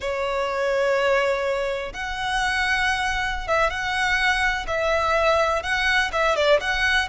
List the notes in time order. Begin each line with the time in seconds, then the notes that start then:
0.00 C#5
1.93 F#5
3.47 E5
3.70 F#5
4.67 E5
5.63 F#5
6.12 E5
6.36 D5
6.60 F#5